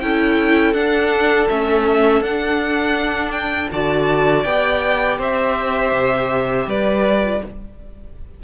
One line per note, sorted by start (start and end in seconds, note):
0.00 0.74 C#4
0.00 0.75 E4
0.00 3.72 A4
0.00 0.74 G5
0.74 1.48 D4
0.74 1.49 D4
0.74 1.48 F#5
1.49 2.21 A3
1.49 2.23 C#4
1.49 2.23 E5
2.21 3.69 D4
2.21 3.72 D4
2.21 3.32 F#5
3.32 3.69 G5
3.72 4.45 D3
3.72 4.46 F#4
3.72 5.19 D5
3.72 4.44 A5
4.44 5.19 B3
4.44 7.23 G4
4.44 5.18 G5
5.19 5.92 C4
5.19 6.67 C5
5.19 6.70 E5
5.92 6.66 C3
6.67 7.41 G3
6.67 7.43 B4
6.67 7.44 D5
7.23 7.41 F4